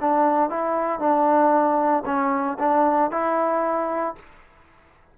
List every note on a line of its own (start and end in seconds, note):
0.00 0.50 D4
0.50 0.99 E4
0.99 2.03 D4
2.05 2.58 C#4
2.59 3.11 D4
3.11 4.15 E4